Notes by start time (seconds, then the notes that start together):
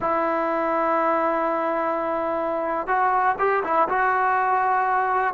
0.00 E4
2.87 F#4
3.38 G4
3.63 E4
3.88 F#4